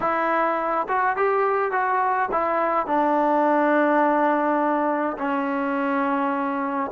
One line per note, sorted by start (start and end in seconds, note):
0.00 0.87 E4
0.88 1.16 F#4
1.16 1.71 G4
1.71 2.29 F#4
2.31 2.86 E4
2.86 5.17 D4
5.18 6.91 C#4